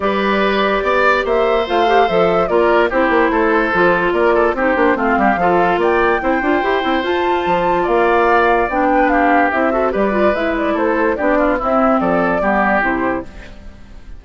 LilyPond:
<<
  \new Staff \with { instrumentName = "flute" } { \time 4/4 \tempo 4 = 145 d''2. e''4 | f''4 e''4 d''4 c''4~ | c''2 d''4 c''4 | f''2 g''2~ |
g''4 a''2 f''4~ | f''4 g''4 f''4 e''4 | d''4 e''8 d''8 c''4 d''4 | e''4 d''2 c''4 | }
  \new Staff \with { instrumentName = "oboe" } { \time 4/4 b'2 d''4 c''4~ | c''2 ais'4 g'4 | a'2 ais'8 a'8 g'4 | f'8 g'8 a'4 d''4 c''4~ |
c''2. d''4~ | d''4. b'8 g'4. a'8 | b'2 a'4 g'8 f'8 | e'4 a'4 g'2 | }
  \new Staff \with { instrumentName = "clarinet" } { \time 4/4 g'1 | f'8 g'8 a'4 f'4 e'4~ | e'4 f'2 dis'8 d'8 | c'4 f'2 e'8 f'8 |
g'8 e'8 f'2.~ | f'4 d'2 e'8 fis'8 | g'8 f'8 e'2 d'4 | c'2 b4 e'4 | }
  \new Staff \with { instrumentName = "bassoon" } { \time 4/4 g2 b4 ais4 | a4 f4 ais4 c'8 ais8 | a4 f4 ais4 c'8 ais8 | a8 g8 f4 ais4 c'8 d'8 |
e'8 c'8 f'4 f4 ais4~ | ais4 b2 c'4 | g4 gis4 a4 b4 | c'4 f4 g4 c4 | }
>>